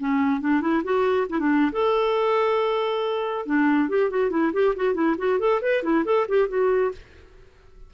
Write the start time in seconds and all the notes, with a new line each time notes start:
0.00 C#4
0.41 D4
0.61 E4
0.84 F#4
1.30 E4
1.40 D4
1.73 A4
3.46 D4
3.89 G4
4.11 F#4
4.31 E4
4.53 G4
4.76 F#4
4.94 E4
5.18 F#4
5.40 A4
5.62 B4
5.83 E4
6.05 A4
6.29 G4
6.49 F#4